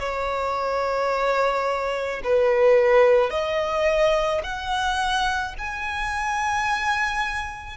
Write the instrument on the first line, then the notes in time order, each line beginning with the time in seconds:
violin
0.00 C#5
2.24 B4
3.31 D#5
4.44 F#5
5.59 G#5